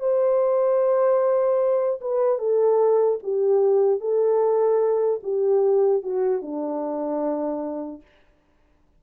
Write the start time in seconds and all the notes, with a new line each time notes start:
0.00 C5
2.01 B4
2.39 A4
3.23 G4
4.00 A4
5.24 G4
6.03 F#4
6.42 D4